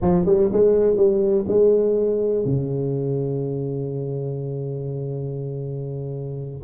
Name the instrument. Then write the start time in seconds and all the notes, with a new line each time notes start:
tuba
0.01 F3
0.25 G3
0.52 G#3
0.96 G3
1.48 G#3
2.45 C#3